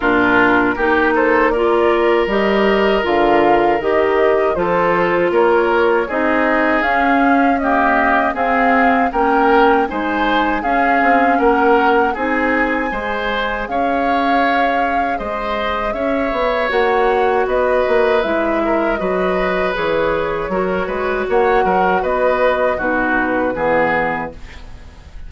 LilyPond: <<
  \new Staff \with { instrumentName = "flute" } { \time 4/4 \tempo 4 = 79 ais'4. c''8 d''4 dis''4 | f''4 dis''4 c''4 cis''4 | dis''4 f''4 dis''4 f''4 | g''4 gis''4 f''4 fis''4 |
gis''2 f''2 | dis''4 e''4 fis''4 dis''4 | e''4 dis''4 cis''2 | fis''4 dis''4 b'2 | }
  \new Staff \with { instrumentName = "oboe" } { \time 4/4 f'4 g'8 a'8 ais'2~ | ais'2 a'4 ais'4 | gis'2 g'4 gis'4 | ais'4 c''4 gis'4 ais'4 |
gis'4 c''4 cis''2 | c''4 cis''2 b'4~ | b'8 ais'8 b'2 ais'8 b'8 | cis''8 ais'8 b'4 fis'4 gis'4 | }
  \new Staff \with { instrumentName = "clarinet" } { \time 4/4 d'4 dis'4 f'4 g'4 | f'4 g'4 f'2 | dis'4 cis'4 ais4 c'4 | cis'4 dis'4 cis'2 |
dis'4 gis'2.~ | gis'2 fis'2 | e'4 fis'4 gis'4 fis'4~ | fis'2 dis'4 b4 | }
  \new Staff \with { instrumentName = "bassoon" } { \time 4/4 ais,4 ais2 g4 | d4 dis4 f4 ais4 | c'4 cis'2 c'4 | ais4 gis4 cis'8 c'8 ais4 |
c'4 gis4 cis'2 | gis4 cis'8 b8 ais4 b8 ais8 | gis4 fis4 e4 fis8 gis8 | ais8 fis8 b4 b,4 e4 | }
>>